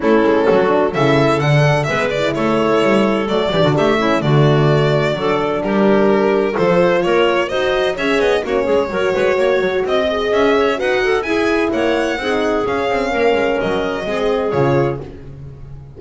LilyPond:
<<
  \new Staff \with { instrumentName = "violin" } { \time 4/4 \tempo 4 = 128 a'2 e''4 fis''4 | e''8 d''8 cis''2 d''4 | e''4 d''2. | ais'2 c''4 cis''4 |
dis''4 e''8 dis''8 cis''2~ | cis''4 dis''4 e''4 fis''4 | gis''4 fis''2 f''4~ | f''4 dis''2 cis''4 | }
  \new Staff \with { instrumentName = "clarinet" } { \time 4/4 e'4 fis'4 a'2 | b'4 a'2~ a'8 g'16 fis'16 | g'8 e'8 fis'2 a'4 | g'2 a'4 ais'4 |
c''4 cis''4 fis'8 gis'8 ais'8 b'8 | cis''4 dis''4. cis''8 b'8 a'8 | gis'4 cis''4 gis'2 | ais'2 gis'2 | }
  \new Staff \with { instrumentName = "horn" } { \time 4/4 cis'4. d'8 e'4 d'4 | b8 e'2~ e'8 a8 d'8~ | d'8 cis'8 a2 d'4~ | d'2 f'2 |
fis'4 gis'4 cis'4 fis'4~ | fis'4. gis'4. fis'4 | e'2 dis'4 cis'4~ | cis'2 c'4 f'4 | }
  \new Staff \with { instrumentName = "double bass" } { \time 4/4 a8 gis8 fis4 cis4 d4 | gis4 a4 g4 fis8 e16 d16 | a4 d2 fis4 | g2 f4 ais4 |
dis'4 cis'8 b8 ais8 gis8 fis8 gis8 | ais8 fis8 c'4 cis'4 dis'4 | e'4 ais4 c'4 cis'8 c'8 | ais8 gis8 fis4 gis4 cis4 | }
>>